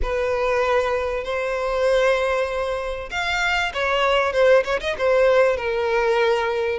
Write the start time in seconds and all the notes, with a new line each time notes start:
0.02 B4
1.23 C5
3.10 F5
3.73 C#5
4.32 C5
4.64 C#5
4.80 D#5
4.98 C5
5.56 A#4